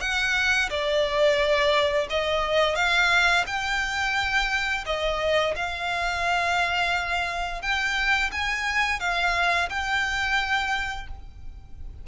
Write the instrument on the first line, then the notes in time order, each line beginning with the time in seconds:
violin
0.00 F#5
0.69 D5
2.09 D#5
2.75 F5
3.46 G5
4.85 D#5
5.55 F5
7.61 G5
8.31 G#5
9.00 F5
9.69 G5